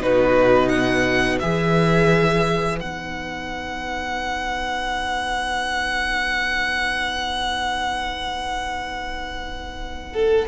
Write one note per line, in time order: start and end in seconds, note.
0.00 1.41 B2
0.00 1.40 D#4
0.00 0.70 F#4
0.00 0.68 B4
0.68 10.12 B4
0.68 1.38 F#5
1.39 2.81 E3
1.39 2.79 G#4
1.39 2.79 E5
2.79 10.47 B3
2.79 10.47 D#4
2.79 10.47 F#5
10.13 10.47 A4